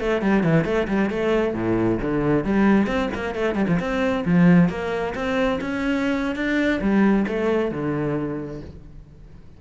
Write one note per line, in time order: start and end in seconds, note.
0.00 0.22 A3
0.22 0.43 G3
0.43 0.65 E3
0.65 0.87 A3
0.88 1.10 G3
1.10 1.54 A3
1.54 1.99 A2
2.01 2.45 D3
2.45 2.87 G3
2.87 3.09 C4
3.14 3.35 A#3
3.35 3.55 A3
3.55 3.66 G3
3.68 3.79 F3
3.80 4.25 C4
4.25 4.69 F3
4.69 5.14 A#3
5.15 5.59 C4
5.61 6.36 C#4
6.36 6.81 D4
6.81 7.26 G3
7.28 7.71 A3
7.71 8.61 D3